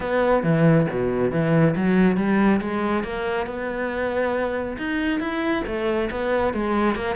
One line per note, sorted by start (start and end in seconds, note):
0.00 0.43 B3
0.43 0.86 E3
0.90 1.31 B2
1.31 1.74 E3
1.76 2.16 F#3
2.16 2.60 G3
2.61 3.03 G#3
3.03 3.46 A#3
3.46 4.76 B3
4.77 5.20 D#4
5.20 5.63 E4
5.66 6.10 A3
6.10 6.53 B3
6.53 6.95 G#3
6.95 7.15 A#3